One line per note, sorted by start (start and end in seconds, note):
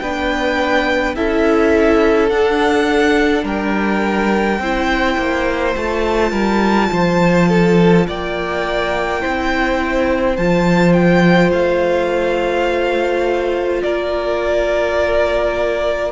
0.00 1.17 B3
0.00 1.16 D4
0.00 1.16 B4
0.00 1.15 G5
1.16 2.32 C#4
1.16 2.31 E4
1.16 3.45 A4
1.16 2.29 E5
2.29 4.62 D4
2.29 3.44 D4
2.29 3.45 F#5
3.44 4.59 G3
3.44 4.60 A#4
3.44 5.76 G5
4.60 5.17 C4
4.60 5.75 E4
4.60 6.32 C5
5.18 5.76 A#3
5.75 6.32 A3
5.75 9.21 F4
5.75 8.07 A5
6.32 6.89 G3
6.32 6.90 A#4
6.93 8.08 F3
6.93 7.49 C5
7.49 8.07 A4
8.08 9.24 A#3
8.08 9.22 D5
8.08 10.37 G5
9.21 10.38 C4
9.21 10.37 E4
9.21 13.83 C5
10.37 11.52 F3
10.37 16.12 F4
10.37 10.94 A5
10.94 11.51 G5
11.52 13.83 A3
11.52 13.83 F5
13.83 16.12 A#3
13.83 16.12 A#4
13.83 16.12 D5